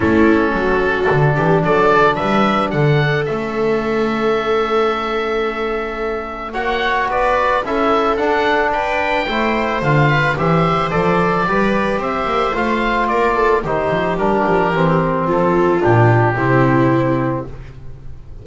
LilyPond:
<<
  \new Staff \with { instrumentName = "oboe" } { \time 4/4 \tempo 4 = 110 a'2. d''4 | e''4 fis''4 e''2~ | e''1 | fis''4 d''4 e''4 fis''4 |
g''2 f''4 e''4 | d''2 e''4 f''4 | d''4 c''4 ais'2 | a'4 g'2. | }
  \new Staff \with { instrumentName = "viola" } { \time 4/4 e'4 fis'4. g'8 a'4 | b'4 a'2.~ | a'1 | cis''4 b'4 a'2 |
b'4 c''4. b'8 c''4~ | c''4 b'4 c''2 | ais'8 a'8 g'2. | f'2 e'2 | }
  \new Staff \with { instrumentName = "trombone" } { \time 4/4 cis'2 d'2~ | d'2 cis'2~ | cis'1 | fis'2 e'4 d'4~ |
d'4 e'4 f'4 g'4 | a'4 g'2 f'4~ | f'4 dis'4 d'4 c'4~ | c'4 d'4 c'2 | }
  \new Staff \with { instrumentName = "double bass" } { \time 4/4 a4 fis4 d8 e8 fis4 | g4 d4 a2~ | a1 | ais4 b4 cis'4 d'4~ |
d'4 a4 d4 e4 | f4 g4 c'8 ais8 a4 | ais4 dis8 f8 g8 f8 e4 | f4 ais,4 c2 | }
>>